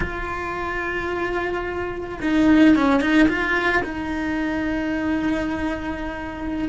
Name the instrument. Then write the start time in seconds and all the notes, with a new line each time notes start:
cello
0.00 F4
2.21 D#4
2.75 C#4
3.00 D#4
3.28 F4
3.83 D#4